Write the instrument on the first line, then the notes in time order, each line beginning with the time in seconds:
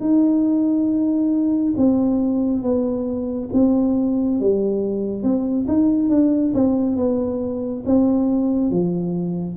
tuba
0.00 D#4
1.77 C4
2.63 B3
3.53 C4
4.40 G3
5.23 C4
5.68 D#4
6.09 D4
6.54 C4
6.97 B3
7.86 C4
8.71 F3